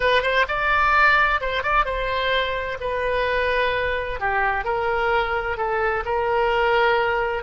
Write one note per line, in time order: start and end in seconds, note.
0.00 0.22 B4
0.22 0.45 C5
0.48 1.40 D5
1.40 1.62 C5
1.62 1.85 D5
1.85 2.78 C5
2.80 4.20 B4
4.20 4.64 G4
4.64 5.57 A#4
5.57 6.03 A4
6.05 7.43 A#4